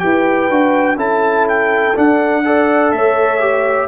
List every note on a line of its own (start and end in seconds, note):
0.00 0.50 E4
0.00 0.49 G4
0.00 0.97 B4
0.00 0.97 G5
0.50 0.97 D4
0.50 0.97 F#4
0.97 1.94 C#4
0.97 1.94 E4
0.97 2.42 A4
0.97 1.48 A5
1.49 1.97 G5
1.96 2.44 D4
1.96 2.93 D4
1.96 2.92 F#5
2.45 3.41 A4
2.45 2.95 D5
2.92 3.89 A3
2.92 3.89 C#5
2.92 3.89 E5
3.41 3.89 G4